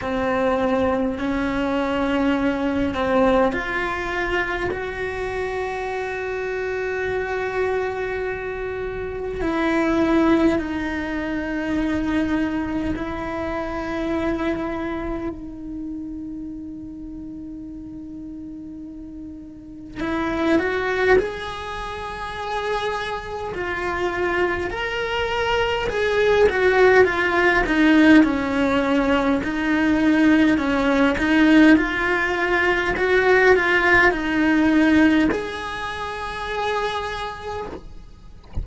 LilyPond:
\new Staff \with { instrumentName = "cello" } { \time 4/4 \tempo 4 = 51 c'4 cis'4. c'8 f'4 | fis'1 | e'4 dis'2 e'4~ | e'4 dis'2.~ |
dis'4 e'8 fis'8 gis'2 | f'4 ais'4 gis'8 fis'8 f'8 dis'8 | cis'4 dis'4 cis'8 dis'8 f'4 | fis'8 f'8 dis'4 gis'2 | }